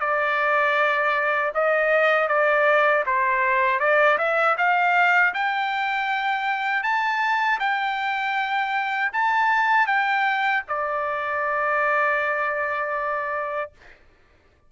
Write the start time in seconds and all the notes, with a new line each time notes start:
0.00 D5
1.54 D#5
2.28 D5
3.06 C5
3.80 D5
4.18 E5
4.57 F5
5.34 G5
6.83 A5
7.60 G5
9.13 A5
9.87 G5
10.68 D5